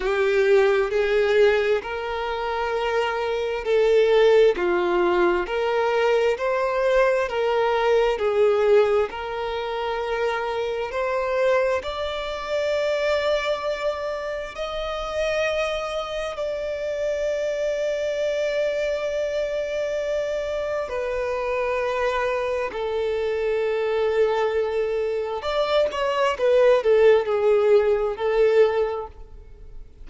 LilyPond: \new Staff \with { instrumentName = "violin" } { \time 4/4 \tempo 4 = 66 g'4 gis'4 ais'2 | a'4 f'4 ais'4 c''4 | ais'4 gis'4 ais'2 | c''4 d''2. |
dis''2 d''2~ | d''2. b'4~ | b'4 a'2. | d''8 cis''8 b'8 a'8 gis'4 a'4 | }